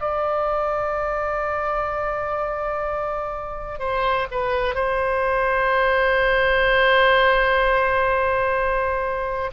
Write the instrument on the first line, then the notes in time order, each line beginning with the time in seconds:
oboe
0.00 D5
3.79 C5
4.31 B4
4.74 C5